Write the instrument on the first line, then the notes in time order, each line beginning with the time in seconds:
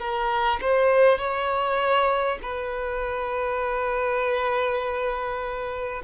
violin
0.00 A#4
0.61 C5
1.18 C#5
2.43 B4